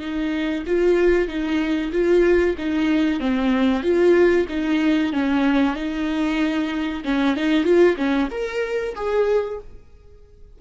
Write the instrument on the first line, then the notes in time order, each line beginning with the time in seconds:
viola
0.00 D#4
0.66 F4
1.28 D#4
1.92 F4
2.58 D#4
3.20 C4
3.83 F4
4.49 D#4
5.13 C#4
5.76 D#4
7.04 C#4
7.36 D#4
7.64 F4
7.97 C#4
8.31 A#4
8.95 G#4